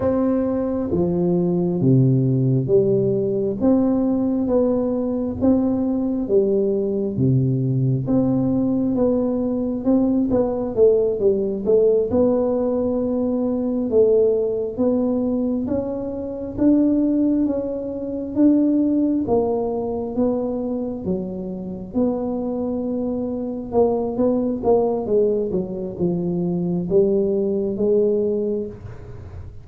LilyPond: \new Staff \with { instrumentName = "tuba" } { \time 4/4 \tempo 4 = 67 c'4 f4 c4 g4 | c'4 b4 c'4 g4 | c4 c'4 b4 c'8 b8 | a8 g8 a8 b2 a8~ |
a8 b4 cis'4 d'4 cis'8~ | cis'8 d'4 ais4 b4 fis8~ | fis8 b2 ais8 b8 ais8 | gis8 fis8 f4 g4 gis4 | }